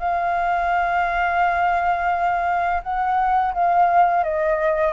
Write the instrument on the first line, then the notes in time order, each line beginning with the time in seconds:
flute
0.00 F5
2.83 F#5
3.54 F5
4.24 D#5